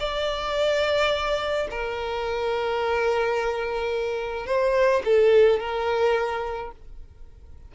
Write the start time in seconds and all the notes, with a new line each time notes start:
0.00 D5
1.71 A#4
4.47 C5
5.05 A4
5.60 A#4